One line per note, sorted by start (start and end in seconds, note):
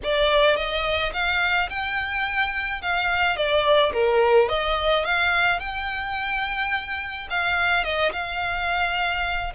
0.03 0.56 D5
0.56 1.12 D#5
1.13 1.69 F5
1.69 2.81 G5
2.82 3.36 F5
3.36 3.92 D5
3.93 4.49 A#4
4.49 5.04 D#5
5.04 5.59 F5
5.59 7.28 G5
7.30 7.84 F5
7.84 8.12 D#5
8.12 9.52 F5